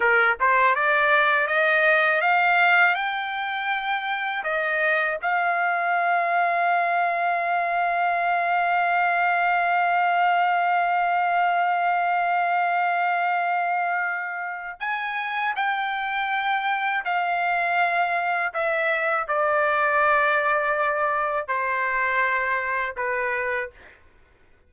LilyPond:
\new Staff \with { instrumentName = "trumpet" } { \time 4/4 \tempo 4 = 81 ais'8 c''8 d''4 dis''4 f''4 | g''2 dis''4 f''4~ | f''1~ | f''1~ |
f''1 | gis''4 g''2 f''4~ | f''4 e''4 d''2~ | d''4 c''2 b'4 | }